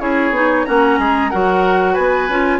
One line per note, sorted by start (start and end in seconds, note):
0.00 0.31 C#4
0.00 0.33 E4
0.00 0.66 G#4
0.00 0.65 C#5
0.31 0.63 B3
0.31 0.67 D#4
0.65 0.99 A#3
0.65 1.32 C#4
0.65 0.99 F#4
0.65 1.30 A#5
0.99 1.31 G#3
0.99 1.31 G#4
1.30 1.98 F#3
1.30 2.30 F#4
1.30 1.93 A#4
1.30 1.95 F#5
1.93 2.29 B3
1.93 2.59 B4
1.93 2.60 G#5
2.29 2.60 C#4
2.29 2.60 F4